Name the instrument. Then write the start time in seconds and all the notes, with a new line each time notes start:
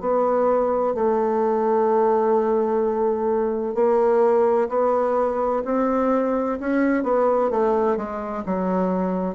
bassoon
0.00 B3
0.94 A3
3.75 A#3
4.69 B3
5.65 C4
6.60 C#4
7.03 B3
7.50 A3
7.96 G#3
8.45 F#3